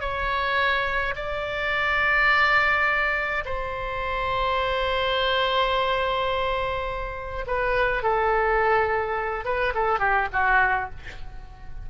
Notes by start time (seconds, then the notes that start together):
0.00 C#5
1.15 D5
3.45 C5
7.46 B4
8.03 A4
9.45 B4
9.74 A4
9.99 G4
10.32 F#4